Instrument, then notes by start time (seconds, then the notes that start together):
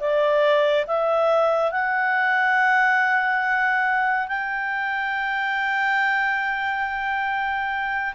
clarinet
0.00 D5
0.87 E5
1.71 F#5
4.28 G5